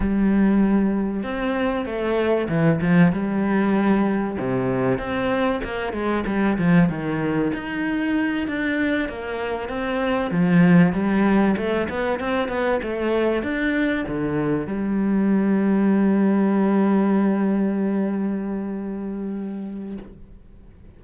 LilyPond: \new Staff \with { instrumentName = "cello" } { \time 4/4 \tempo 4 = 96 g2 c'4 a4 | e8 f8 g2 c4 | c'4 ais8 gis8 g8 f8 dis4 | dis'4. d'4 ais4 c'8~ |
c'8 f4 g4 a8 b8 c'8 | b8 a4 d'4 d4 g8~ | g1~ | g1 | }